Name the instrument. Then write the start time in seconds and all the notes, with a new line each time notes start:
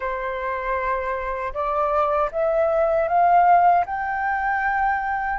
flute
0.00 C5
1.53 D5
2.31 E5
3.08 F5
3.85 G5